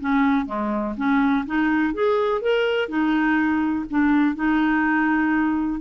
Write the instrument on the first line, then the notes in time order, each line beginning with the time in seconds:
clarinet
0.00 C#4
0.46 G#3
0.97 C#4
1.46 D#4
1.94 G#4
2.41 A#4
2.89 D#4
3.90 D4
4.35 D#4